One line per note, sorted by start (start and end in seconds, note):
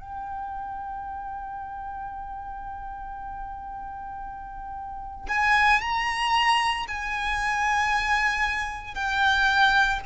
0.00 5.26 G5
5.28 5.80 G#5
5.80 6.86 A#5
6.88 8.94 G#5
8.94 10.00 G5